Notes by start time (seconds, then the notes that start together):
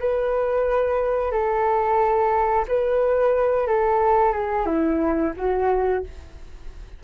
0.00 B4
1.32 A4
2.68 B4
3.67 A4
4.32 G#4
4.66 E4
5.37 F#4